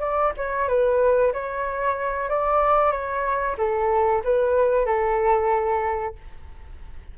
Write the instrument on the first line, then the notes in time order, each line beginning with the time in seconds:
flute
0.00 D5
0.37 C#5
0.68 B4
1.33 C#5
2.29 D5
2.91 C#5
3.57 A4
4.24 B4
4.85 A4